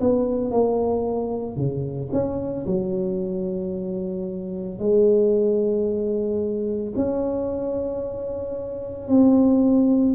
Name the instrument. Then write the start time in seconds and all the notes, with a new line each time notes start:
tuba
0.00 B3
0.51 A#3
1.56 C#3
2.12 C#4
2.66 F#3
4.79 G#3
6.96 C#4
9.08 C4